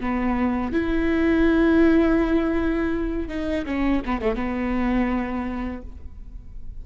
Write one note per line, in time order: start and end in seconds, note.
0.00 0.72 B3
0.72 3.28 E4
3.28 3.65 D#4
3.65 4.02 C#4
4.05 4.21 B3
4.21 4.35 A3
4.35 5.82 B3